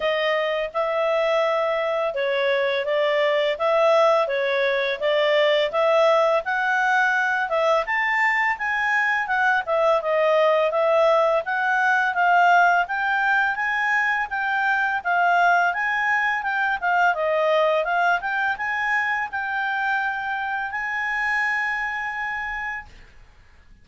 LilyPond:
\new Staff \with { instrumentName = "clarinet" } { \time 4/4 \tempo 4 = 84 dis''4 e''2 cis''4 | d''4 e''4 cis''4 d''4 | e''4 fis''4. e''8 a''4 | gis''4 fis''8 e''8 dis''4 e''4 |
fis''4 f''4 g''4 gis''4 | g''4 f''4 gis''4 g''8 f''8 | dis''4 f''8 g''8 gis''4 g''4~ | g''4 gis''2. | }